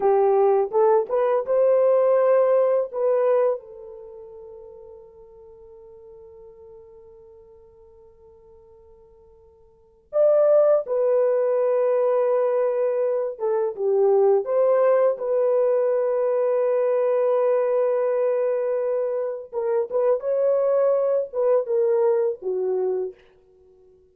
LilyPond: \new Staff \with { instrumentName = "horn" } { \time 4/4 \tempo 4 = 83 g'4 a'8 b'8 c''2 | b'4 a'2.~ | a'1~ | a'2 d''4 b'4~ |
b'2~ b'8 a'8 g'4 | c''4 b'2.~ | b'2. ais'8 b'8 | cis''4. b'8 ais'4 fis'4 | }